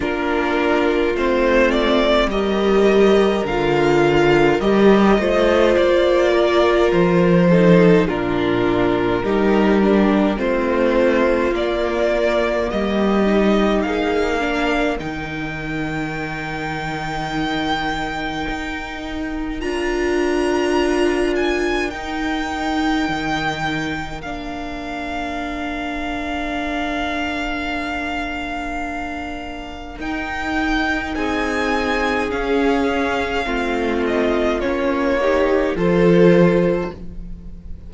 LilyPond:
<<
  \new Staff \with { instrumentName = "violin" } { \time 4/4 \tempo 4 = 52 ais'4 c''8 d''8 dis''4 f''4 | dis''4 d''4 c''4 ais'4~ | ais'4 c''4 d''4 dis''4 | f''4 g''2.~ |
g''4 ais''4. gis''8 g''4~ | g''4 f''2.~ | f''2 g''4 gis''4 | f''4. dis''8 cis''4 c''4 | }
  \new Staff \with { instrumentName = "violin" } { \time 4/4 f'2 ais'2~ | ais'8 c''4 ais'4 a'8 f'4 | g'4 f'2 g'4 | gis'8 ais'2.~ ais'8~ |
ais'1~ | ais'1~ | ais'2. gis'4~ | gis'4 f'4. g'8 a'4 | }
  \new Staff \with { instrumentName = "viola" } { \time 4/4 d'4 c'4 g'4 f'4 | g'8 f'2 dis'8 d'4 | dis'8 d'8 c'4 ais4. dis'8~ | dis'8 d'8 dis'2.~ |
dis'4 f'2 dis'4~ | dis'4 d'2.~ | d'2 dis'2 | cis'4 c'4 cis'8 dis'8 f'4 | }
  \new Staff \with { instrumentName = "cello" } { \time 4/4 ais4 a4 g4 d4 | g8 a8 ais4 f4 ais,4 | g4 a4 ais4 g4 | ais4 dis2. |
dis'4 d'2 dis'4 | dis4 ais2.~ | ais2 dis'4 c'4 | cis'4 a4 ais4 f4 | }
>>